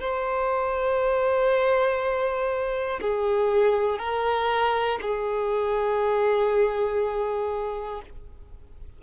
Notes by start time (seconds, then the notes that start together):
0.00 C5
3.01 G#4
3.99 A#4
5.02 G#4